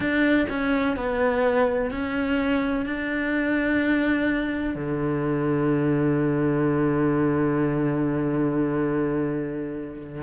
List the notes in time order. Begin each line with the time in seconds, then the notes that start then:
0.00 D4
0.48 C#4
0.96 B3
1.90 C#4
2.85 D4
4.74 D3